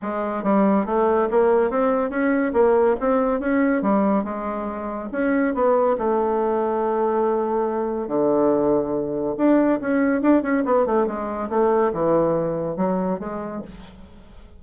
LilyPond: \new Staff \with { instrumentName = "bassoon" } { \time 4/4 \tempo 4 = 141 gis4 g4 a4 ais4 | c'4 cis'4 ais4 c'4 | cis'4 g4 gis2 | cis'4 b4 a2~ |
a2. d4~ | d2 d'4 cis'4 | d'8 cis'8 b8 a8 gis4 a4 | e2 fis4 gis4 | }